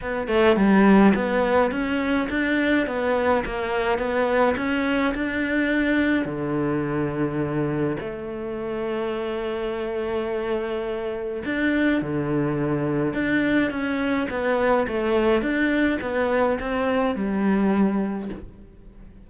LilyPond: \new Staff \with { instrumentName = "cello" } { \time 4/4 \tempo 4 = 105 b8 a8 g4 b4 cis'4 | d'4 b4 ais4 b4 | cis'4 d'2 d4~ | d2 a2~ |
a1 | d'4 d2 d'4 | cis'4 b4 a4 d'4 | b4 c'4 g2 | }